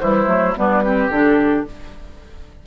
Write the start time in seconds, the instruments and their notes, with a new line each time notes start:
0.00 bassoon E3, clarinet G3, oboe E4, flute C5
0.27 bassoon F#3, clarinet A3
0.57 bassoon G3, clarinet B3, oboe D4, flute B4
0.84 clarinet C4, oboe G4
1.09 bassoon D3, clarinet D4, flute A4